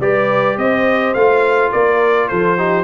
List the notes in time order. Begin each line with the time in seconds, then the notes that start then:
0.00 G3 G4 B4 D5
0.57 C4 C5 D#5
1.14 A3 F4 F5
1.72 A#3 A#4 D5
2.28 F3 A4 C5
2.57 D#4 G4